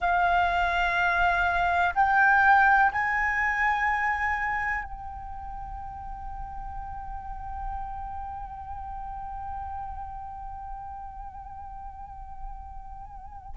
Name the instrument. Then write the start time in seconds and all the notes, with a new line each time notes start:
flute
0.00 F5
1.94 G5
2.92 G#5
4.84 G5